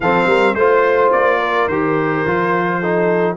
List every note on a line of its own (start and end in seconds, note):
0.00 0.26 F3
0.00 0.58 C4
0.00 0.27 A4
0.00 0.54 F5
0.26 0.54 G3
0.26 0.55 A#4
0.54 1.10 A3
0.54 1.70 F4
0.54 1.11 C5
0.54 1.38 C5
1.12 1.68 A#3
1.12 1.68 D5
1.38 2.78 A#4
1.68 2.24 D#3
1.68 2.26 G4
1.68 3.36 C5
2.25 3.36 F3
2.25 2.82 F4
2.79 3.36 D#4
2.79 3.35 A4